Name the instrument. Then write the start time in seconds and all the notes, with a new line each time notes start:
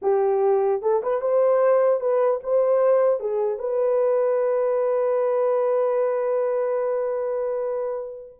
horn
0.02 G4
0.82 A4
1.03 B4
1.21 C5
2.00 B4
2.43 C5
3.20 G#4
3.59 B4